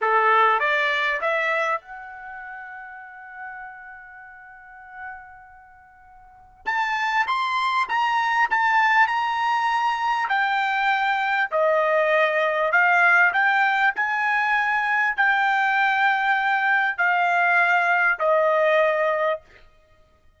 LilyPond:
\new Staff \with { instrumentName = "trumpet" } { \time 4/4 \tempo 4 = 99 a'4 d''4 e''4 fis''4~ | fis''1~ | fis''2. a''4 | c'''4 ais''4 a''4 ais''4~ |
ais''4 g''2 dis''4~ | dis''4 f''4 g''4 gis''4~ | gis''4 g''2. | f''2 dis''2 | }